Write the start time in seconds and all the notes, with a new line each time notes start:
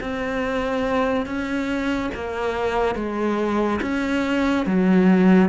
0.00 C4
1.26 C#4
2.14 A#3
2.95 G#3
3.81 C#4
4.66 F#3